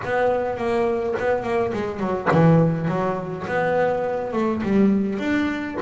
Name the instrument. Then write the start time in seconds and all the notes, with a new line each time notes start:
double bass
0.04 B3
0.57 A#3
1.19 B3
1.43 A#3
1.73 G#3
1.99 F#3
2.31 E3
2.88 F#3
3.47 B3
4.33 A3
4.63 G3
5.18 D4